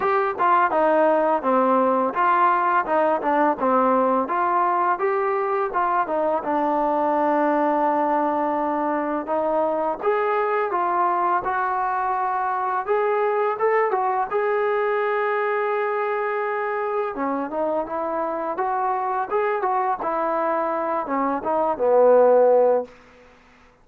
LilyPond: \new Staff \with { instrumentName = "trombone" } { \time 4/4 \tempo 4 = 84 g'8 f'8 dis'4 c'4 f'4 | dis'8 d'8 c'4 f'4 g'4 | f'8 dis'8 d'2.~ | d'4 dis'4 gis'4 f'4 |
fis'2 gis'4 a'8 fis'8 | gis'1 | cis'8 dis'8 e'4 fis'4 gis'8 fis'8 | e'4. cis'8 dis'8 b4. | }